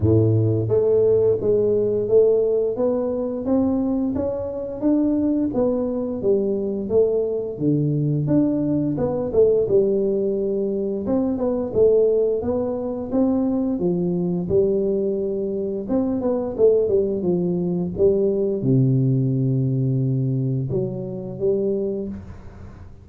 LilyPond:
\new Staff \with { instrumentName = "tuba" } { \time 4/4 \tempo 4 = 87 a,4 a4 gis4 a4 | b4 c'4 cis'4 d'4 | b4 g4 a4 d4 | d'4 b8 a8 g2 |
c'8 b8 a4 b4 c'4 | f4 g2 c'8 b8 | a8 g8 f4 g4 c4~ | c2 fis4 g4 | }